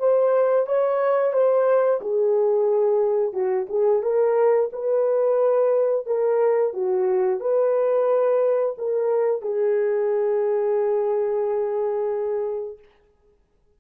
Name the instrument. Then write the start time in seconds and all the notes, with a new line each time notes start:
horn
0.00 C5
0.67 C#5
1.33 C5
2.02 G#4
3.34 F#4
3.69 G#4
4.03 A#4
4.73 B4
6.07 A#4
6.74 F#4
7.41 B4
8.79 A#4
9.42 G#4